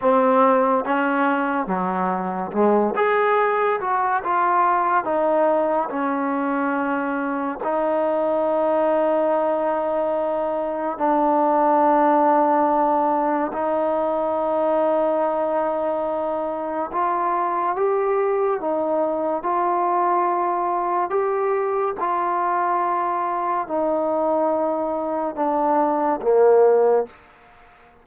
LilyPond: \new Staff \with { instrumentName = "trombone" } { \time 4/4 \tempo 4 = 71 c'4 cis'4 fis4 gis8 gis'8~ | gis'8 fis'8 f'4 dis'4 cis'4~ | cis'4 dis'2.~ | dis'4 d'2. |
dis'1 | f'4 g'4 dis'4 f'4~ | f'4 g'4 f'2 | dis'2 d'4 ais4 | }